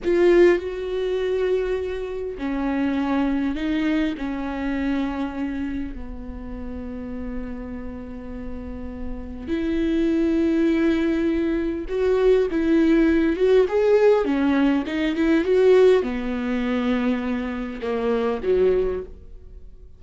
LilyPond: \new Staff \with { instrumentName = "viola" } { \time 4/4 \tempo 4 = 101 f'4 fis'2. | cis'2 dis'4 cis'4~ | cis'2 b2~ | b1 |
e'1 | fis'4 e'4. fis'8 gis'4 | cis'4 dis'8 e'8 fis'4 b4~ | b2 ais4 fis4 | }